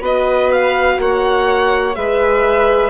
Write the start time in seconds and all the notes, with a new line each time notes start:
0.00 B3 F#4 B4 D#5
0.52 F5
0.99 A#3 C#5 F#5
1.94 G#3 G#4 B4 E5